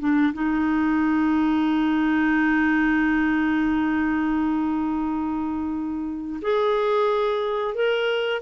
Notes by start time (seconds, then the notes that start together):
0.00 D4
0.34 D#4
6.42 G#4
7.75 A#4